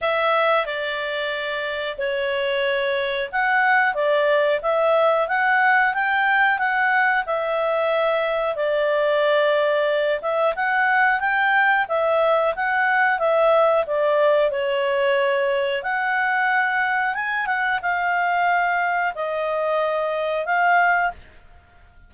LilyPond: \new Staff \with { instrumentName = "clarinet" } { \time 4/4 \tempo 4 = 91 e''4 d''2 cis''4~ | cis''4 fis''4 d''4 e''4 | fis''4 g''4 fis''4 e''4~ | e''4 d''2~ d''8 e''8 |
fis''4 g''4 e''4 fis''4 | e''4 d''4 cis''2 | fis''2 gis''8 fis''8 f''4~ | f''4 dis''2 f''4 | }